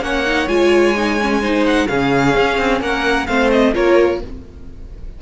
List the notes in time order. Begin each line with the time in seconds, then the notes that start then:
0.00 A#3 C#4 C#5 F#5
0.26 D#4
0.47 G#3 F4 G#5
0.96 D#4
1.21 C#4
1.41 D#4 C5
1.66 F#5
1.87 C#3 C#4 G#4 F5
2.35 C#4
2.58 C4
2.80 A#3 A#4 F#5
3.27 A3 C4 C5 F5
3.50 D#5
3.73 A#3 F4 A#4 C#5